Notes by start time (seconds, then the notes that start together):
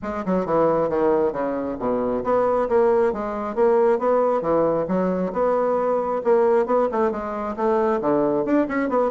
0.02 G#3
0.25 F#3
0.45 E3
0.89 D#3
1.32 C#3
1.79 B2
2.24 B3
2.68 A#3
3.12 G#3
3.55 A#3
3.98 B3
4.41 E3
4.88 F#3
5.33 B3
6.24 A#3
6.66 B3
6.91 A3
7.11 G#3
7.56 A3
8.01 D3
8.45 D4
8.67 C#4
8.89 B3